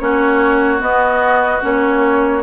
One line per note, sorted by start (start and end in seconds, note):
0.00 0.81 A#3
0.00 0.79 C#4
0.00 2.44 F#4
0.00 0.81 C#5
0.79 1.60 B3
0.79 1.62 B3
0.79 1.63 D#5
1.62 2.44 A#3
1.62 2.43 C#4
1.62 2.44 C#5